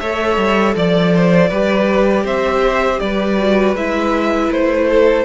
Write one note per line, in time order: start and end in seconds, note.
0.00 0.37 A3
0.00 1.51 A4
0.00 0.76 C#5
0.00 0.75 E5
0.37 0.75 G3
0.76 1.51 F3
0.76 1.14 D5
0.76 2.27 D5
1.15 1.50 C5
1.50 2.24 G3
1.50 3.38 G4
1.50 2.25 B4
2.24 2.99 C4
2.24 3.00 C5
2.24 3.00 E5
3.00 3.75 G3
3.00 4.88 B4
3.00 3.75 D5
3.38 3.76 F#4
3.75 4.50 G#3
3.75 5.26 E4
3.75 4.52 E5
4.52 5.26 A3
4.52 5.26 C5
4.88 5.25 A4